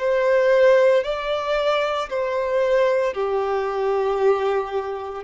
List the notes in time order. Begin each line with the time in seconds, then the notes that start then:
0.00 C5
1.04 D5
2.10 C5
3.14 G4